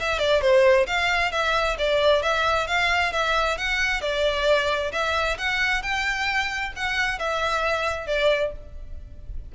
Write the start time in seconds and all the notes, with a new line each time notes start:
0.00 E5
0.19 D5
0.42 C5
0.87 F5
1.32 E5
1.79 D5
2.23 E5
2.68 F5
3.13 E5
3.58 F#5
4.02 D5
4.92 E5
5.38 F#5
5.83 G5
6.77 F#5
7.19 E5
8.07 D5